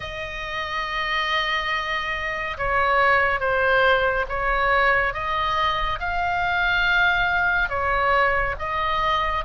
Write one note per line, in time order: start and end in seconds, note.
0.00 2.57 D#5
2.57 3.40 C#5
3.40 4.25 C5
4.29 5.13 C#5
5.13 5.99 D#5
5.99 7.69 F5
7.69 8.55 C#5
8.59 9.44 D#5